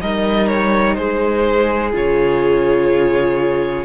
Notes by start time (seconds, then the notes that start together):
0.00 G3 D#4 A#4 D#5
0.47 C#5
0.94 G#3 G#4 C5
1.92 C#3 F4 C#5